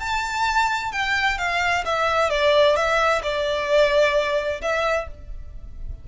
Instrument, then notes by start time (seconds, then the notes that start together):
violin
0.00 A5
0.92 G5
1.38 F5
1.86 E5
2.30 D5
2.76 E5
3.23 D5
4.62 E5